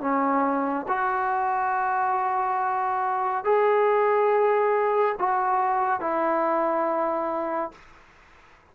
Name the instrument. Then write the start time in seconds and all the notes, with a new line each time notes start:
trombone
0.00 C#4
0.88 F#4
3.44 G#4
5.18 F#4
6.00 E4